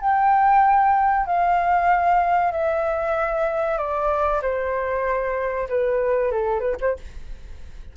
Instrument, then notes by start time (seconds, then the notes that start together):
flute
0.00 G5
1.26 F5
2.51 E5
3.78 D5
4.42 C5
5.69 B4
6.31 A4
6.60 B4
6.80 C5